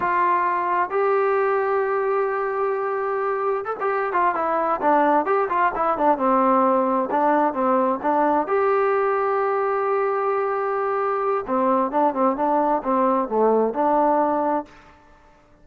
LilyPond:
\new Staff \with { instrumentName = "trombone" } { \time 4/4 \tempo 4 = 131 f'2 g'2~ | g'1 | a'16 g'8. f'8 e'4 d'4 g'8 | f'8 e'8 d'8 c'2 d'8~ |
d'8 c'4 d'4 g'4.~ | g'1~ | g'4 c'4 d'8 c'8 d'4 | c'4 a4 d'2 | }